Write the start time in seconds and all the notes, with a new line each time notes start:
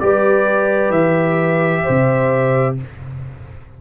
0.00 G3 G4 B4 D5
0.90 E3 E5
1.84 C3 C5